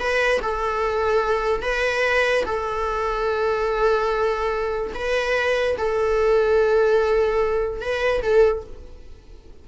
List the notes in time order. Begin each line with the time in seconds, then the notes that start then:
0.00 B4
0.42 A4
1.62 B4
2.46 A4
4.95 B4
5.78 A4
7.82 B4
8.23 A4